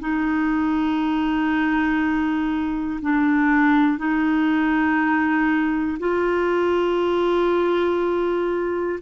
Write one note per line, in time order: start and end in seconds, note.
0.00 3.00 D#4
3.01 3.98 D4
3.98 5.98 D#4
6.00 9.00 F4